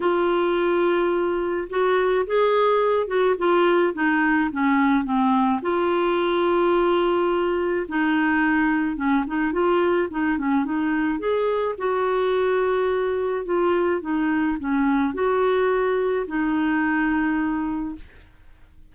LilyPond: \new Staff \with { instrumentName = "clarinet" } { \time 4/4 \tempo 4 = 107 f'2. fis'4 | gis'4. fis'8 f'4 dis'4 | cis'4 c'4 f'2~ | f'2 dis'2 |
cis'8 dis'8 f'4 dis'8 cis'8 dis'4 | gis'4 fis'2. | f'4 dis'4 cis'4 fis'4~ | fis'4 dis'2. | }